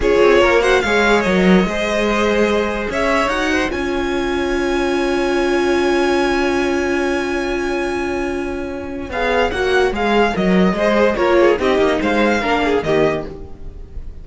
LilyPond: <<
  \new Staff \with { instrumentName = "violin" } { \time 4/4 \tempo 4 = 145 cis''4. fis''8 f''4 dis''4~ | dis''2. e''4 | fis''4 gis''2.~ | gis''1~ |
gis''1~ | gis''2 f''4 fis''4 | f''4 dis''2 cis''4 | dis''4 f''2 dis''4 | }
  \new Staff \with { instrumentName = "violin" } { \time 4/4 gis'4 ais'8 c''8 cis''2 | c''2. cis''4~ | cis''8 c''8 cis''2.~ | cis''1~ |
cis''1~ | cis''1~ | cis''2 c''4 ais'8 gis'8 | g'4 c''4 ais'8 gis'8 g'4 | }
  \new Staff \with { instrumentName = "viola" } { \time 4/4 f'4. fis'8 gis'4 ais'4 | gis'1 | fis'4 f'2.~ | f'1~ |
f'1~ | f'2 gis'4 fis'4 | gis'4 ais'4 gis'4 f'4 | dis'2 d'4 ais4 | }
  \new Staff \with { instrumentName = "cello" } { \time 4/4 cis'8 c'8 ais4 gis4 fis4 | gis2. cis'4 | dis'4 cis'2.~ | cis'1~ |
cis'1~ | cis'2 b4 ais4 | gis4 fis4 gis4 ais4 | c'8 ais8 gis4 ais4 dis4 | }
>>